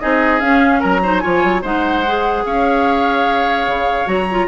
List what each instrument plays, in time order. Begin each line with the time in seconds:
0.00 bassoon C4, clarinet D#4, oboe G#4, flute D#5
0.40 clarinet C#4, bassoon C#4, flute F5
0.80 bassoon F#3, oboe A#4, flute A#5
1.02 clarinet D#4, oboe C5
1.20 bassoon F3, clarinet F4, oboe C#5, flute G#5
1.44 bassoon F#3
1.62 bassoon G#3, clarinet D#4, oboe C5, flute F#5
2.07 clarinet G#4
2.45 bassoon C#4, oboe C#5, flute F5
3.67 bassoon C#3
4.06 bassoon F#3, clarinet F#4, flute A#5
4.31 clarinet F4